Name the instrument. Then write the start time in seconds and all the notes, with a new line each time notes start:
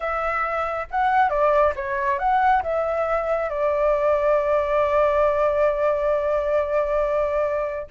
flute
0.00 E5
0.90 F#5
1.29 D5
1.75 C#5
2.18 F#5
2.63 E5
3.49 D5